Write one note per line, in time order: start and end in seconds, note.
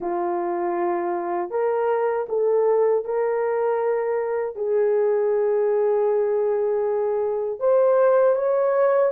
0.00 1.50 F4
1.50 2.26 A#4
2.29 3.04 A4
3.04 4.55 A#4
4.55 7.59 G#4
7.59 8.35 C5
8.35 9.11 C#5